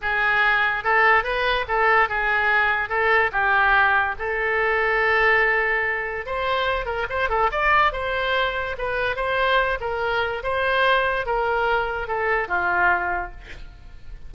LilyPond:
\new Staff \with { instrumentName = "oboe" } { \time 4/4 \tempo 4 = 144 gis'2 a'4 b'4 | a'4 gis'2 a'4 | g'2 a'2~ | a'2. c''4~ |
c''8 ais'8 c''8 a'8 d''4 c''4~ | c''4 b'4 c''4. ais'8~ | ais'4 c''2 ais'4~ | ais'4 a'4 f'2 | }